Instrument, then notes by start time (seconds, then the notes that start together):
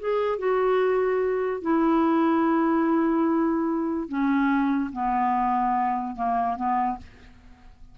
clarinet
0.00 G#4
0.39 F#4
1.62 E4
4.09 C#4
4.93 B3
6.16 A#3
6.57 B3